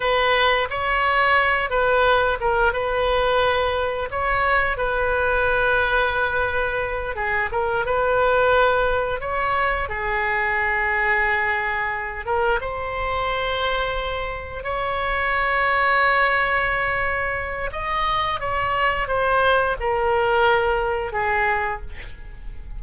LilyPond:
\new Staff \with { instrumentName = "oboe" } { \time 4/4 \tempo 4 = 88 b'4 cis''4. b'4 ais'8 | b'2 cis''4 b'4~ | b'2~ b'8 gis'8 ais'8 b'8~ | b'4. cis''4 gis'4.~ |
gis'2 ais'8 c''4.~ | c''4. cis''2~ cis''8~ | cis''2 dis''4 cis''4 | c''4 ais'2 gis'4 | }